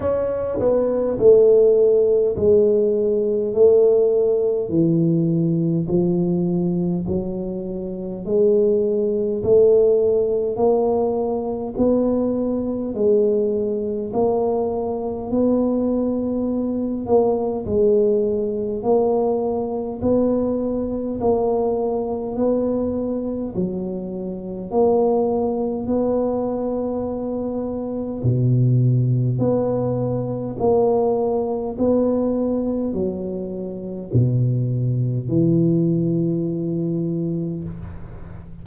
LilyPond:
\new Staff \with { instrumentName = "tuba" } { \time 4/4 \tempo 4 = 51 cis'8 b8 a4 gis4 a4 | e4 f4 fis4 gis4 | a4 ais4 b4 gis4 | ais4 b4. ais8 gis4 |
ais4 b4 ais4 b4 | fis4 ais4 b2 | b,4 b4 ais4 b4 | fis4 b,4 e2 | }